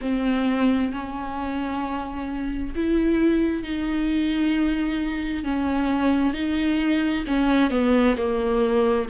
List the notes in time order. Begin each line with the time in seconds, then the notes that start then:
0.01 C4
0.92 C#4
2.75 E4
3.63 D#4
5.43 C#4
6.33 D#4
7.27 C#4
7.70 B3
8.17 A#3